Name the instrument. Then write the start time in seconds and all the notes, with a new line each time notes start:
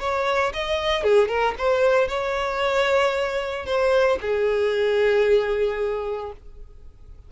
violin
0.00 C#5
0.53 D#5
1.03 G#4
1.28 A#4
1.58 C5
2.08 C#5
3.66 C5
4.22 G#4